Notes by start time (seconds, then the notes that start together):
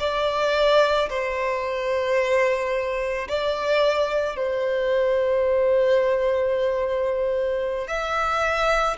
0.00 D5
1.10 C5
3.29 D5
4.36 C5
7.88 E5